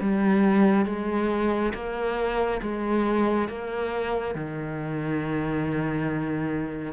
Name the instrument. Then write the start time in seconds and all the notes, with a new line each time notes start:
cello
0.00 G3
0.85 G#3
1.74 A#3
2.61 G#3
3.48 A#3
4.34 D#3